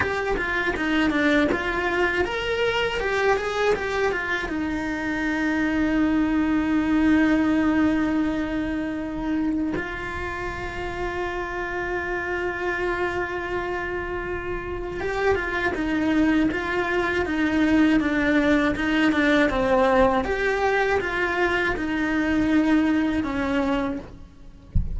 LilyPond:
\new Staff \with { instrumentName = "cello" } { \time 4/4 \tempo 4 = 80 g'8 f'8 dis'8 d'8 f'4 ais'4 | g'8 gis'8 g'8 f'8 dis'2~ | dis'1~ | dis'4 f'2.~ |
f'1 | g'8 f'8 dis'4 f'4 dis'4 | d'4 dis'8 d'8 c'4 g'4 | f'4 dis'2 cis'4 | }